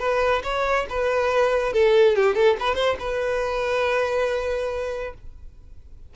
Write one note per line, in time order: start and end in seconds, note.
0.00 0.43 B4
0.44 0.86 C#5
0.90 1.73 B4
1.73 2.16 A4
2.16 2.36 G4
2.36 2.57 A4
2.60 2.75 B4
2.75 2.97 C5
3.00 5.14 B4